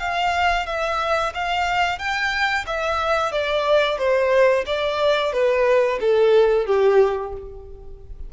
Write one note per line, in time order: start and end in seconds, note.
0.00 0.67 F5
0.67 1.33 E5
1.35 1.99 F5
1.99 2.65 G5
2.67 3.32 E5
3.32 3.98 D5
3.98 4.65 C5
4.66 5.33 D5
5.33 5.99 B4
6.01 6.66 A4
6.66 7.33 G4